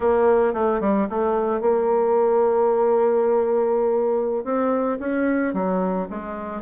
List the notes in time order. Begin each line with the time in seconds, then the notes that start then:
0.00 A#3
0.53 A3
0.80 G3
1.09 A3
1.60 A#3
4.44 C4
4.99 C#4
5.53 F#3
6.10 G#3